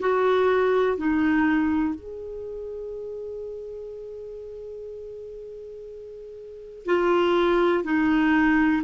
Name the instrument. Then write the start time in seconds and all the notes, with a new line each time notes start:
clarinet
0.00 F#4
0.97 D#4
1.95 G#4
6.86 F4
7.84 D#4